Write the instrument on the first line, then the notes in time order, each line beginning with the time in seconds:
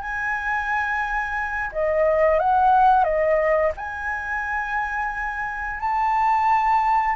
flute
0.00 G#5
1.72 D#5
2.39 F#5
3.03 D#5
3.77 G#5
5.80 A5